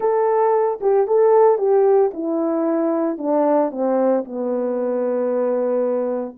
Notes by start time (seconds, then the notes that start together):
0.00 A4
0.81 G4
1.07 A4
1.58 G4
2.13 E4
3.18 D4
3.71 C4
4.25 B3